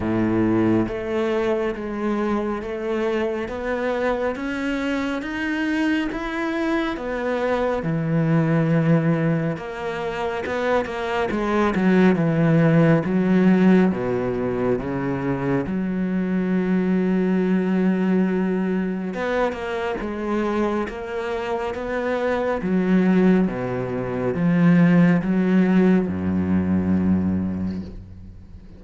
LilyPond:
\new Staff \with { instrumentName = "cello" } { \time 4/4 \tempo 4 = 69 a,4 a4 gis4 a4 | b4 cis'4 dis'4 e'4 | b4 e2 ais4 | b8 ais8 gis8 fis8 e4 fis4 |
b,4 cis4 fis2~ | fis2 b8 ais8 gis4 | ais4 b4 fis4 b,4 | f4 fis4 fis,2 | }